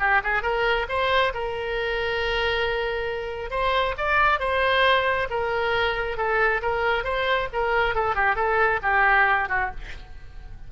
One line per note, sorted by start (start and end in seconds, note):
0.00 0.22 G4
0.24 0.43 G#4
0.43 0.87 A#4
0.89 1.33 C5
1.34 3.51 A#4
3.51 3.95 C5
3.98 4.40 D5
4.40 5.28 C5
5.31 6.18 A#4
6.18 6.62 A4
6.63 7.04 A#4
7.04 7.49 C5
7.53 7.95 A#4
7.95 8.16 A4
8.16 8.36 G4
8.36 8.80 A4
8.83 9.49 G4
9.49 9.71 F#4